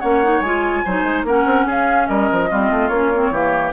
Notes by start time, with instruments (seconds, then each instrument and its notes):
0.00 bassoon A#3, clarinet C#4, oboe C#5, flute F#5
0.24 clarinet D#4
0.41 bassoon G#3, clarinet F4, flute G#5
0.85 bassoon F#3, clarinet D#4, oboe C5
1.03 bassoon G#3
1.24 bassoon A#3, clarinet C#4, oboe A#4, flute F#5
1.46 bassoon C4
1.66 bassoon C#4, oboe G#4, flute F5
2.08 bassoon G3, oboe A#4, flute D#5
2.32 bassoon F3
2.50 bassoon G3, clarinet C4, oboe F4
2.71 bassoon A3
2.89 bassoon A#3, clarinet C#4, flute C#5
3.15 clarinet C4
3.31 bassoon E3, clarinet A#3, oboe G4